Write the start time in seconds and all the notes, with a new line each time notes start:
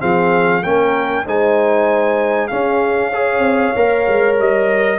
0.00 F3 C4 G#4 F5
0.63 A#3 C#4 A#4 G5
1.26 G#3 D#4 C5 G#5
2.48 C#4 G#4 F5
3.10 G#4 C#5
3.39 C4
3.76 A#3 A#4
4.08 G#3
4.39 G3 D#5